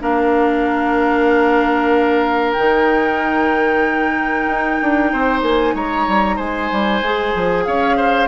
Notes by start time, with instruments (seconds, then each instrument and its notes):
0.00 bassoon A#3, clarinet D4, oboe A#4, flute F5
2.52 bassoon D#3, clarinet D#4, flute G5
4.47 bassoon D#4
4.82 bassoon D4
5.12 bassoon C4, oboe C5
5.42 bassoon A#3, flute G#5
5.74 bassoon G#3, oboe C#5, flute A#5
6.07 bassoon G3
6.36 bassoon G#3, oboe C5, flute G#5
6.71 bassoon G3
7.01 bassoon G#3, clarinet G#4
7.34 bassoon F3
7.64 bassoon C#4, oboe C#5, flute F5
7.96 oboe C5